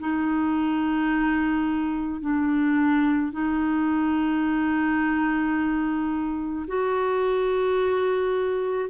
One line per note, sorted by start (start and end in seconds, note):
0.00 2.21 D#4
2.21 3.32 D4
3.32 6.66 D#4
6.67 8.89 F#4